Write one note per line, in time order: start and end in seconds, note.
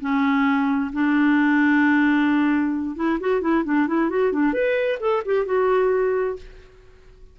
0.00 0.91 C#4
0.92 2.96 D4
2.96 3.18 E4
3.20 3.41 F#4
3.41 3.64 E4
3.64 3.87 D4
3.87 4.09 E4
4.09 4.32 F#4
4.32 4.53 D4
4.53 4.98 B4
5.00 5.22 A4
5.25 5.45 G4
5.45 6.36 F#4